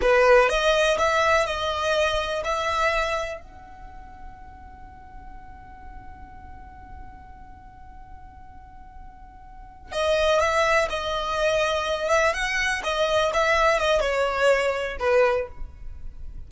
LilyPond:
\new Staff \with { instrumentName = "violin" } { \time 4/4 \tempo 4 = 124 b'4 dis''4 e''4 dis''4~ | dis''4 e''2 fis''4~ | fis''1~ | fis''1~ |
fis''1~ | fis''8 dis''4 e''4 dis''4.~ | dis''4 e''8 fis''4 dis''4 e''8~ | e''8 dis''8 cis''2 b'4 | }